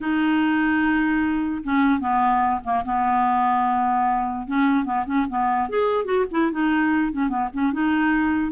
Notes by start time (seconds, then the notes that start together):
0.00 D#4
1.63 C#4
2.00 B3
2.64 A#3
2.85 B3
4.47 C#4
4.84 B3
5.06 C#4
5.29 B3
5.69 G#4
6.04 F#4
6.31 E4
6.51 D#4
7.12 C#4
7.28 B3
7.53 C#4
7.72 D#4